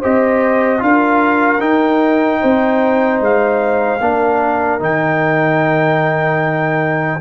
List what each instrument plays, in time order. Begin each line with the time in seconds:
0.00 tuba C4, trombone G4, horn C5, trumpet D#5
0.79 tuba D4, trombone F4, horn A#4, trumpet F5
1.60 tuba D#4, trombone D#4, trumpet G5
2.41 tuba C4, horn C5
3.20 tuba G#3, trumpet F5
4.00 tuba A#3, trombone D4, horn A#4
4.79 tuba D#3, trombone D#4, trumpet G5